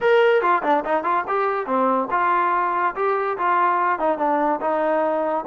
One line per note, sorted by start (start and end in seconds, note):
0.00 0.41 A#4
0.41 0.62 F4
0.63 0.84 D4
0.84 1.03 D#4
1.03 1.24 F4
1.27 1.66 G4
1.66 2.08 C4
2.10 2.94 F4
2.95 3.37 G4
3.38 3.99 F4
3.99 4.18 D#4
4.18 4.60 D4
4.60 5.44 D#4